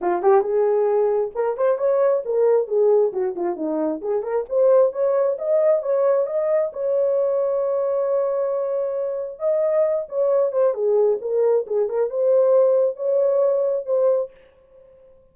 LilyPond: \new Staff \with { instrumentName = "horn" } { \time 4/4 \tempo 4 = 134 f'8 g'8 gis'2 ais'8 c''8 | cis''4 ais'4 gis'4 fis'8 f'8 | dis'4 gis'8 ais'8 c''4 cis''4 | dis''4 cis''4 dis''4 cis''4~ |
cis''1~ | cis''4 dis''4. cis''4 c''8 | gis'4 ais'4 gis'8 ais'8 c''4~ | c''4 cis''2 c''4 | }